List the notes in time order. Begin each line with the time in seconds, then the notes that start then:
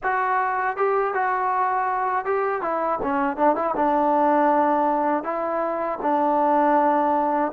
0.03 F#4
0.76 G4
1.14 F#4
2.25 G4
2.61 E4
3.02 C#4
3.36 D4
3.55 E4
3.76 D4
5.23 E4
6.02 D4